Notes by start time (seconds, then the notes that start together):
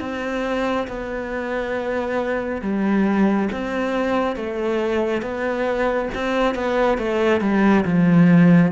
0.00 C4
0.88 B3
2.62 G3
3.52 C4
4.36 A3
5.22 B3
6.14 C4
6.55 B3
6.98 A3
7.41 G3
7.85 F3